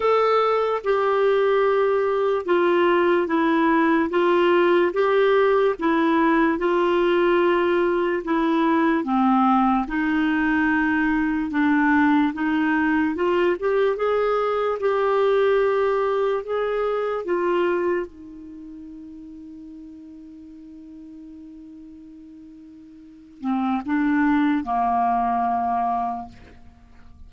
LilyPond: \new Staff \with { instrumentName = "clarinet" } { \time 4/4 \tempo 4 = 73 a'4 g'2 f'4 | e'4 f'4 g'4 e'4 | f'2 e'4 c'4 | dis'2 d'4 dis'4 |
f'8 g'8 gis'4 g'2 | gis'4 f'4 dis'2~ | dis'1~ | dis'8 c'8 d'4 ais2 | }